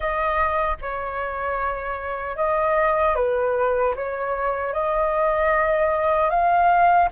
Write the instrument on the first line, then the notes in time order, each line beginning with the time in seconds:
flute
0.00 D#5
0.81 C#5
2.36 D#5
3.15 B4
3.95 C#5
4.73 D#5
6.29 F5